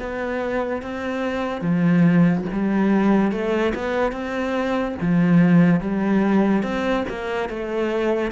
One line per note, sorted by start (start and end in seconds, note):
0.00 0.82 B3
0.82 1.61 C4
1.61 2.45 F3
2.53 3.32 G3
3.32 3.74 A3
3.75 4.12 B3
4.12 4.96 C4
5.02 5.81 F3
5.81 6.63 G3
6.63 7.05 C4
7.09 7.50 A#3
7.50 8.32 A3